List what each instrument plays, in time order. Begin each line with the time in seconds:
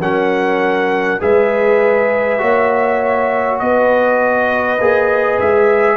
0.00 tuba F#3, trombone C#4, horn A#4, trumpet F#5
1.19 tuba G#3, trombone G#4, horn B4, trumpet E5
2.38 tuba A#3, trombone F#4, horn C#5
3.59 tuba B3, horn B4, trumpet D#5
4.79 tuba A#3, trombone G#4
5.39 tuba G#3, trumpet E5